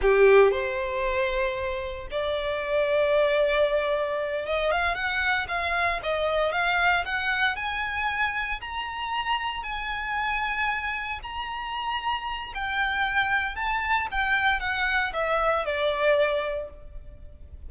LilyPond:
\new Staff \with { instrumentName = "violin" } { \time 4/4 \tempo 4 = 115 g'4 c''2. | d''1~ | d''8 dis''8 f''8 fis''4 f''4 dis''8~ | dis''8 f''4 fis''4 gis''4.~ |
gis''8 ais''2 gis''4.~ | gis''4. ais''2~ ais''8 | g''2 a''4 g''4 | fis''4 e''4 d''2 | }